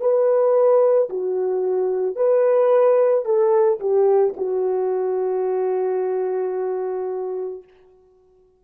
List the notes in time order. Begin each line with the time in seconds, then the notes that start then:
0.00 B4
1.10 F#4
2.16 B4
3.25 A4
3.80 G4
4.36 F#4